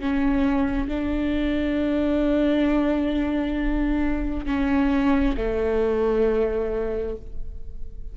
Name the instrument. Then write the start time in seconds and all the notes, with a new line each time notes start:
viola
0.00 C#4
0.88 D4
4.46 C#4
5.37 A3